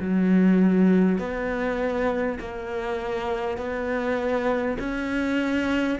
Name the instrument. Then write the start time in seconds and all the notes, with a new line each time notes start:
cello
0.00 F#3
1.18 B3
2.39 A#3
3.57 B3
4.79 C#4